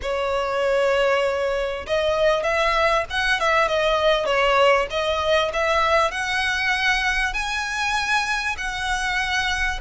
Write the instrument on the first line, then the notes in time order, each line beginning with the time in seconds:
violin
0.02 C#5
1.86 D#5
2.43 E5
3.09 F#5
3.40 E5
3.68 D#5
4.25 C#5
4.90 D#5
5.53 E5
6.11 F#5
7.33 G#5
8.57 F#5